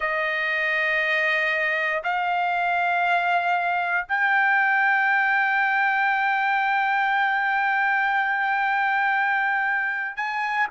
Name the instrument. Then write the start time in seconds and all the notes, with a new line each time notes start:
trumpet
0.00 D#5
2.03 F5
4.08 G5
10.16 G#5